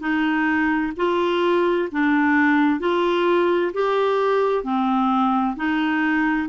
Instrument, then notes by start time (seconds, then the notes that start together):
clarinet
0.00 D#4
0.96 F4
1.91 D4
2.80 F4
3.73 G4
4.63 C4
5.56 D#4